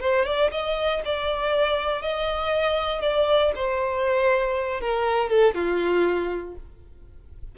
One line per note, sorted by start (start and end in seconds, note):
0.00 0.25 C5
0.25 0.51 D5
0.52 1.02 D#5
1.05 2.02 D5
2.02 3.02 D#5
3.02 3.52 D5
3.55 4.81 C5
4.81 5.29 A#4
5.29 5.55 A4
5.55 6.55 F4